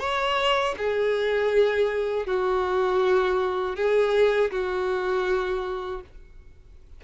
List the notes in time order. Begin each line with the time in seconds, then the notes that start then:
0.00 C#5
0.78 G#4
2.27 F#4
3.76 G#4
4.51 F#4